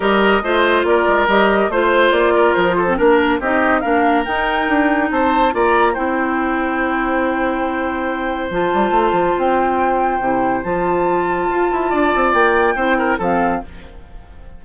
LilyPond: <<
  \new Staff \with { instrumentName = "flute" } { \time 4/4 \tempo 4 = 141 dis''2 d''4 dis''4 | c''4 d''4 c''4 ais'4 | dis''4 f''4 g''2 | a''4 ais''4 g''2~ |
g''1 | a''2 g''2~ | g''4 a''2.~ | a''4 g''2 f''4 | }
  \new Staff \with { instrumentName = "oboe" } { \time 4/4 ais'4 c''4 ais'2 | c''4. ais'4 a'8 ais'4 | g'4 ais'2. | c''4 d''4 c''2~ |
c''1~ | c''1~ | c''1 | d''2 c''8 ais'8 a'4 | }
  \new Staff \with { instrumentName = "clarinet" } { \time 4/4 g'4 f'2 g'4 | f'2~ f'8. c'16 d'4 | dis'4 d'4 dis'2~ | dis'4 f'4 e'2~ |
e'1 | f'1 | e'4 f'2.~ | f'2 e'4 c'4 | }
  \new Staff \with { instrumentName = "bassoon" } { \time 4/4 g4 a4 ais8 gis8 g4 | a4 ais4 f4 ais4 | c'4 ais4 dis'4 d'4 | c'4 ais4 c'2~ |
c'1 | f8 g8 a8 f8 c'2 | c4 f2 f'8 e'8 | d'8 c'8 ais4 c'4 f4 | }
>>